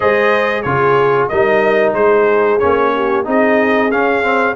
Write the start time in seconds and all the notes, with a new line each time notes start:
0.00 G#3 G#4 C5 D#5
0.62 C#3 F4 G#4 C#5
1.28 G3 D#4 A#4 D#5
1.93 G#3 G#4 C5
2.59 A#3 C#4 C#5
2.94 G4
3.24 C4 D#4 G#4 D#5
3.91 C#4 F5
4.23 C4